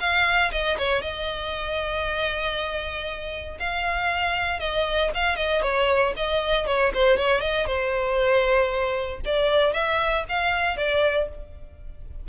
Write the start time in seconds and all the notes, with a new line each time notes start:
0.00 F5
0.52 D#5
0.78 C#5
1.02 D#5
3.60 F5
4.60 D#5
5.15 F5
5.36 D#5
5.62 C#5
6.17 D#5
6.66 C#5
6.94 C5
7.17 C#5
7.41 D#5
7.66 C5
9.25 D5
9.73 E5
10.29 F5
10.77 D5